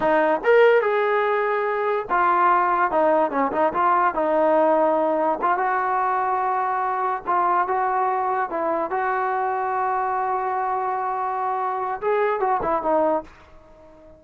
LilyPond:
\new Staff \with { instrumentName = "trombone" } { \time 4/4 \tempo 4 = 145 dis'4 ais'4 gis'2~ | gis'4 f'2 dis'4 | cis'8 dis'8 f'4 dis'2~ | dis'4 f'8 fis'2~ fis'8~ |
fis'4. f'4 fis'4.~ | fis'8 e'4 fis'2~ fis'8~ | fis'1~ | fis'4 gis'4 fis'8 e'8 dis'4 | }